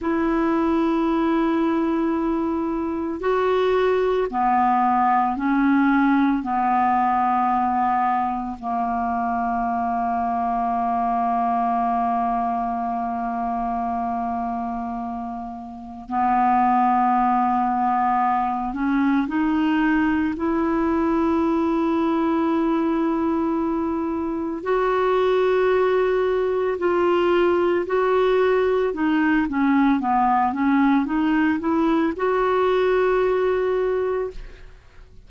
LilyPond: \new Staff \with { instrumentName = "clarinet" } { \time 4/4 \tempo 4 = 56 e'2. fis'4 | b4 cis'4 b2 | ais1~ | ais2. b4~ |
b4. cis'8 dis'4 e'4~ | e'2. fis'4~ | fis'4 f'4 fis'4 dis'8 cis'8 | b8 cis'8 dis'8 e'8 fis'2 | }